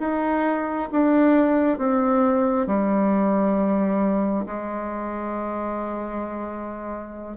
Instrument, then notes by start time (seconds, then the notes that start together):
bassoon
0.00 D#4
0.92 D4
1.78 C4
2.67 G3
4.47 G#3